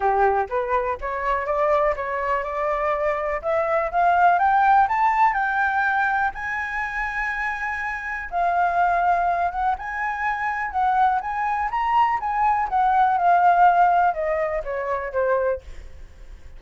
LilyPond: \new Staff \with { instrumentName = "flute" } { \time 4/4 \tempo 4 = 123 g'4 b'4 cis''4 d''4 | cis''4 d''2 e''4 | f''4 g''4 a''4 g''4~ | g''4 gis''2.~ |
gis''4 f''2~ f''8 fis''8 | gis''2 fis''4 gis''4 | ais''4 gis''4 fis''4 f''4~ | f''4 dis''4 cis''4 c''4 | }